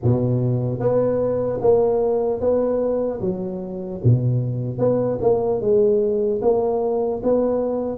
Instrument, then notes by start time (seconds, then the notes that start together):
tuba
0.03 B2
0.79 B3
1.61 A#3
2.40 B3
3.20 F#3
4.04 B2
4.78 B3
5.21 A#3
5.60 G#3
6.41 A#3
7.23 B3